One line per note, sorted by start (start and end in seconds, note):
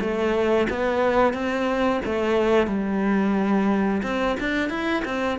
0.00 0.67 A3
0.69 1.33 B3
1.33 2.01 C4
2.05 2.67 A3
2.67 4.02 G3
4.03 4.36 C4
4.40 4.69 D4
4.69 5.03 E4
5.05 5.38 C4